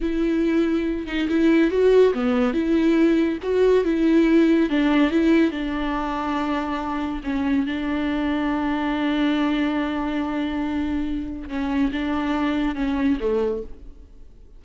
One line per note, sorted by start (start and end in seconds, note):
0.00 1.06 E4
1.06 1.27 D#4
1.29 1.70 E4
1.70 2.13 F#4
2.13 2.53 B3
2.53 3.38 E4
3.42 3.84 F#4
3.84 4.69 E4
4.69 5.10 D4
5.10 5.51 E4
5.51 7.21 D4
7.23 7.66 C#4
7.66 11.48 D4
11.48 11.91 C#4
11.92 12.75 D4
12.75 13.17 C#4
13.20 13.62 A3